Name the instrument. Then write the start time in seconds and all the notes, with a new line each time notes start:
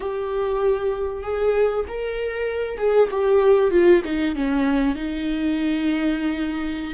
viola
0.00 G4
1.22 G#4
1.88 A#4
2.77 G#4
3.10 G4
3.71 F4
4.04 D#4
4.35 C#4
4.95 D#4